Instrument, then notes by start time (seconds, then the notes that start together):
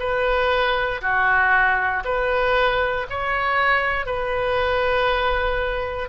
oboe
0.00 B4
1.02 F#4
2.05 B4
3.10 C#5
4.06 B4